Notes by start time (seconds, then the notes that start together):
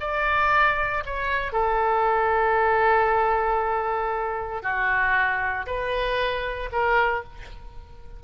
0.00 D5
1.06 C#5
1.52 A4
4.63 F#4
5.66 B4
6.72 A#4